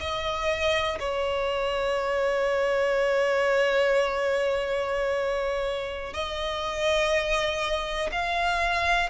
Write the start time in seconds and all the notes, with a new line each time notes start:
0.00 D#5
0.99 C#5
6.13 D#5
8.12 F5